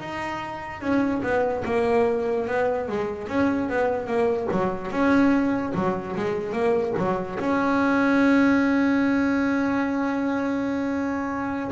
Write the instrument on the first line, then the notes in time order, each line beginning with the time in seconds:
double bass
0.00 D#4
0.81 C#4
1.23 B3
1.66 A#3
2.48 B3
2.89 G#3
3.28 C#4
3.69 B3
4.07 A#3
4.52 F#3
4.91 C#4
5.75 F#3
6.16 G#3
6.53 A#3
6.98 F#3
7.40 C#4